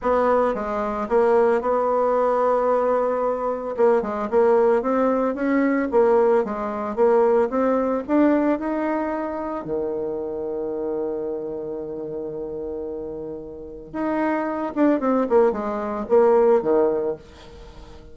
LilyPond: \new Staff \with { instrumentName = "bassoon" } { \time 4/4 \tempo 4 = 112 b4 gis4 ais4 b4~ | b2. ais8 gis8 | ais4 c'4 cis'4 ais4 | gis4 ais4 c'4 d'4 |
dis'2 dis2~ | dis1~ | dis2 dis'4. d'8 | c'8 ais8 gis4 ais4 dis4 | }